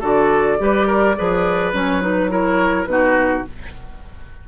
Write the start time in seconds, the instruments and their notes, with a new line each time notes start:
0.00 bassoon D3, clarinet F#4, oboe A4, flute D5
0.58 bassoon G3, clarinet G4, oboe B4
0.87 oboe A#4
1.17 bassoon F3, clarinet G#4, oboe B4
1.73 bassoon F#3, clarinet C#4, flute C#5
2.01 clarinet D#4, flute B4
2.30 clarinet E4, oboe A#4, flute C#5
2.85 bassoon B2, clarinet D#4, oboe F#4, flute B4